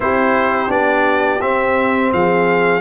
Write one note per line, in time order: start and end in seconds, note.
0.00 0.69 C4
0.00 0.68 E4
0.00 2.13 G4
0.00 0.71 C5
0.68 1.40 B3
0.68 1.39 D4
0.68 1.41 D5
1.40 2.11 C4
1.40 2.80 C4
1.40 2.11 E5
2.12 2.80 F3
2.12 2.80 G#4
2.12 2.80 F5